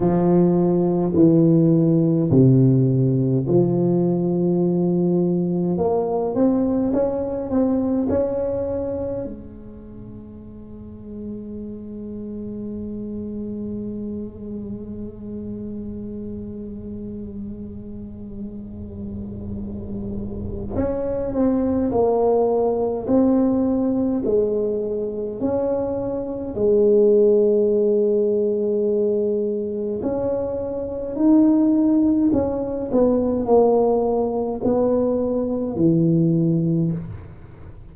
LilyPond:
\new Staff \with { instrumentName = "tuba" } { \time 4/4 \tempo 4 = 52 f4 e4 c4 f4~ | f4 ais8 c'8 cis'8 c'8 cis'4 | gis1~ | gis1~ |
gis2 cis'8 c'8 ais4 | c'4 gis4 cis'4 gis4~ | gis2 cis'4 dis'4 | cis'8 b8 ais4 b4 e4 | }